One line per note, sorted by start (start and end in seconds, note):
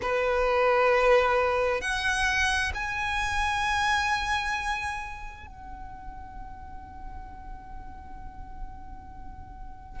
0.02 1.81 B4
1.81 2.72 F#5
2.74 5.46 G#5
5.46 10.00 F#5